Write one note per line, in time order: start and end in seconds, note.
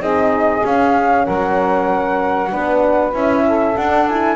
0.00 0.62 C4
0.00 0.63 D#4
0.00 1.25 G#4
0.00 0.65 D#5
0.64 2.51 C#4
0.64 1.27 C#4
0.64 1.25 F5
1.25 2.52 F#3
1.25 2.50 A#4
1.25 3.13 F#5
2.50 3.14 B3
2.50 3.13 D4
2.50 3.44 B4
3.13 3.76 C#4
3.13 3.75 E4
3.13 3.77 E5
3.47 4.36 A4
3.77 4.08 D4
3.77 4.36 D4
3.77 4.08 F#5
4.09 4.36 E4
4.09 4.36 G#5